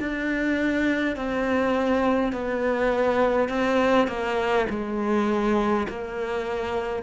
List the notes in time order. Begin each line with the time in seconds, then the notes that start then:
0.00 D4
1.17 C4
2.33 B3
3.49 C4
4.07 A#3
4.70 G#3
5.89 A#3